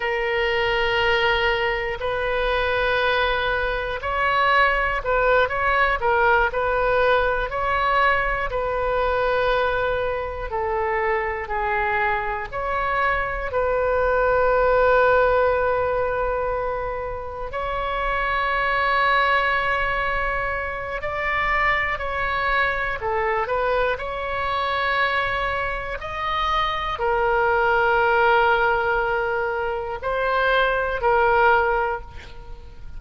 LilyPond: \new Staff \with { instrumentName = "oboe" } { \time 4/4 \tempo 4 = 60 ais'2 b'2 | cis''4 b'8 cis''8 ais'8 b'4 cis''8~ | cis''8 b'2 a'4 gis'8~ | gis'8 cis''4 b'2~ b'8~ |
b'4. cis''2~ cis''8~ | cis''4 d''4 cis''4 a'8 b'8 | cis''2 dis''4 ais'4~ | ais'2 c''4 ais'4 | }